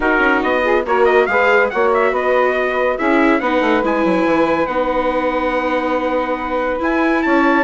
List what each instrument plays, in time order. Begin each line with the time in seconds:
0.00 bassoon D#4, viola D#4, saxophone F#4, trumpet A#4
0.18 bassoon C#4
0.42 bassoon B3, trumpet D#5
0.63 viola F4, saxophone G#4
0.85 bassoon A#3, viola F#4, saxophone A#4, trumpet C#5
1.04 trumpet D#5
1.26 bassoon G#3, viola G#4, saxophone B4, trumpet F5
1.69 bassoon A#3, viola F#4, saxophone C#5, trumpet F#5
1.93 trumpet E5
2.11 bassoon B3, saxophone B4, trumpet D#5
2.97 bassoon C#4, viola E4, saxophone G#4, trumpet E5
3.40 bassoon B3, viola D#4, saxophone B4, trumpet F#5
3.61 bassoon A3
3.82 bassoon G#3, viola E4, trumpet G#5
4.04 bassoon F#3
4.25 bassoon E3
4.66 bassoon B3, viola D#4, trumpet F#5
6.79 viola E4, bassoon E4, trumpet G#5
7.22 bassoon C#4, saxophone C#5, trumpet A5